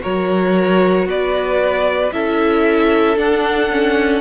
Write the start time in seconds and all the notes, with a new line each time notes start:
0.00 F#3 F#4 A#4 C#5
1.06 B3 B4 D5
2.12 C#4 E4 A4 E5
3.17 D4 F#5
3.71 C#4